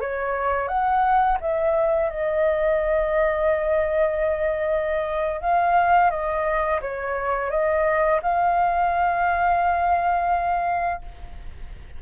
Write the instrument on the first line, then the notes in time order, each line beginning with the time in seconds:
flute
0.00 C#5
0.68 F#5
1.40 E5
2.09 D#5
5.40 F5
6.10 D#5
6.81 C#5
7.50 D#5
8.22 F5